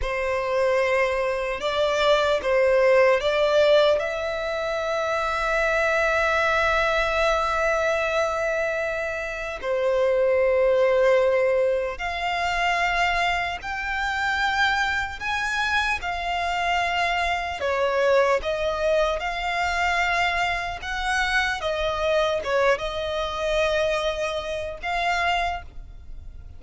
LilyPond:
\new Staff \with { instrumentName = "violin" } { \time 4/4 \tempo 4 = 75 c''2 d''4 c''4 | d''4 e''2.~ | e''1 | c''2. f''4~ |
f''4 g''2 gis''4 | f''2 cis''4 dis''4 | f''2 fis''4 dis''4 | cis''8 dis''2~ dis''8 f''4 | }